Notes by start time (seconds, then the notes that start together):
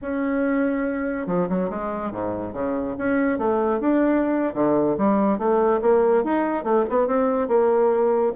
0.01 C#4
1.26 F3
1.49 F#3
1.70 G#3
2.11 G#2
2.53 C#3
2.98 C#4
3.38 A3
3.80 D4
4.54 D3
4.97 G3
5.38 A3
5.81 A#3
6.24 D#4
6.63 A3
6.89 B3
7.07 C4
7.48 A#3